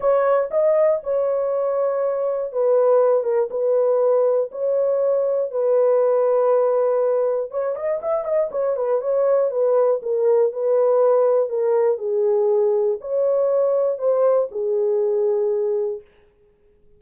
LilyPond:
\new Staff \with { instrumentName = "horn" } { \time 4/4 \tempo 4 = 120 cis''4 dis''4 cis''2~ | cis''4 b'4. ais'8 b'4~ | b'4 cis''2 b'4~ | b'2. cis''8 dis''8 |
e''8 dis''8 cis''8 b'8 cis''4 b'4 | ais'4 b'2 ais'4 | gis'2 cis''2 | c''4 gis'2. | }